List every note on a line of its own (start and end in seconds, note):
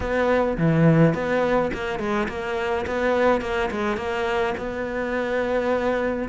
0.00 0.57 B3
0.57 1.14 E3
1.14 1.71 B3
1.73 1.99 A#3
1.99 2.27 G#3
2.28 2.85 A#3
2.86 3.41 B3
3.41 3.69 A#3
3.70 3.96 G#3
3.96 4.54 A#3
4.57 6.29 B3